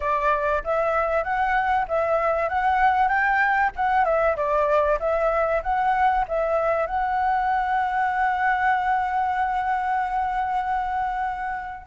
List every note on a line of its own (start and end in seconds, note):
0.00 0.62 D5
0.64 1.23 E5
1.23 1.86 F#5
1.88 2.48 E5
2.48 3.08 F#5
3.08 3.70 G5
3.76 4.04 F#5
4.04 4.36 E5
4.36 4.98 D5
4.99 5.62 E5
5.62 6.25 F#5
6.28 6.86 E5
6.86 11.86 F#5